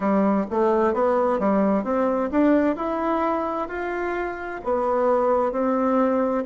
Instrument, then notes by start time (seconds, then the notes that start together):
bassoon
0.00 G3
0.50 A3
0.93 B3
1.39 G3
1.83 C4
2.31 D4
2.76 E4
3.68 F4
4.64 B3
5.51 C4